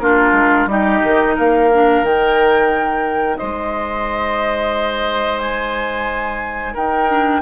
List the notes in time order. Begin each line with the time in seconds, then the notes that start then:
0.00 A#3 D4 F4 A#4
0.33 G#3
0.67 G3 D#4 G4 D#5
1.04 D#3
1.36 A#3 A#4 F5
1.74 D4
2.03 D#3 D#4 G5
3.37 G#3 C5 D#5
5.40 G#5
6.74 D#4 A#4 G5
7.09 D4